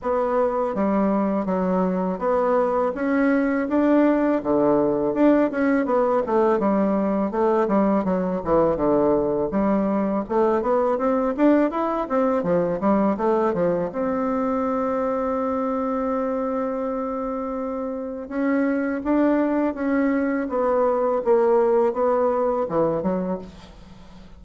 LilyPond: \new Staff \with { instrumentName = "bassoon" } { \time 4/4 \tempo 4 = 82 b4 g4 fis4 b4 | cis'4 d'4 d4 d'8 cis'8 | b8 a8 g4 a8 g8 fis8 e8 | d4 g4 a8 b8 c'8 d'8 |
e'8 c'8 f8 g8 a8 f8 c'4~ | c'1~ | c'4 cis'4 d'4 cis'4 | b4 ais4 b4 e8 fis8 | }